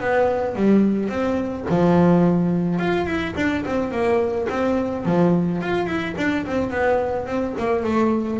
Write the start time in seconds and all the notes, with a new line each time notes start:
0.00 B3
0.55 G3
1.09 C4
1.69 F3
2.79 F4
3.06 E4
3.36 D4
3.65 C4
3.91 A#3
4.49 C4
5.05 F3
5.61 F4
5.86 E4
6.17 D4
6.46 C4
6.70 B3
7.26 C4
7.58 A#3
7.84 A3